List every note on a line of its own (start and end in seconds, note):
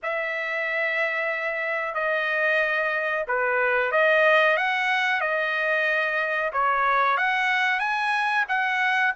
0.02 1.94 E5
1.94 3.25 D#5
3.27 3.91 B4
3.91 4.57 D#5
4.57 5.20 F#5
5.20 6.51 D#5
6.52 7.17 C#5
7.17 7.79 F#5
7.79 8.45 G#5
8.48 9.13 F#5